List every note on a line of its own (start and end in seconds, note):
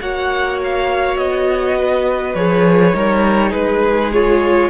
0.00 1.17 A#3
0.00 2.35 F#4
0.00 1.78 C#5
0.00 0.59 F#5
0.63 1.17 F5
1.17 2.34 B3
1.17 2.35 D#5
1.78 2.95 B4
2.34 2.93 F3
2.34 2.93 G#4
2.34 3.52 C#5
2.93 3.53 G3
2.93 4.11 D#4
2.93 3.49 A#4
3.49 4.69 G#3
3.49 4.67 G#4
3.49 4.11 B4
4.12 4.69 F4
4.12 4.69 C#5